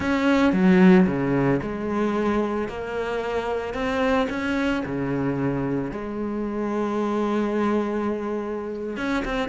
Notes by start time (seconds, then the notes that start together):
0.00 C#4
0.52 F#3
1.07 C#3
1.62 G#3
2.68 A#3
3.74 C4
4.29 C#4
4.85 C#3
5.91 G#3
8.97 C#4
9.24 C4